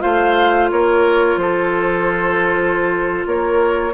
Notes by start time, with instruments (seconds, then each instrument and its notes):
0.00 bassoon A3, clarinet F4, oboe C5, flute F5
0.71 bassoon A#3, oboe A#4, flute C#5
1.36 bassoon F3, oboe A4, flute C5
3.26 bassoon A#3, oboe A#4, flute C#5